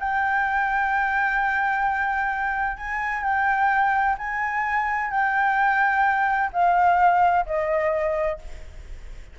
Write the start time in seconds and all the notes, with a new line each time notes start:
0.00 G5
2.78 G#5
3.24 G5
4.18 G#5
5.11 G5
6.53 F5
7.46 D#5